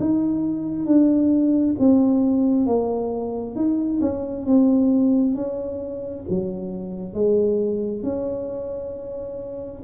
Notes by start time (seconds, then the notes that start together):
0.00 D#4
0.86 D4
1.80 C4
2.67 A#3
3.56 D#4
4.01 C#4
4.46 C4
5.35 C#4
6.30 F#3
7.14 G#3
8.04 C#4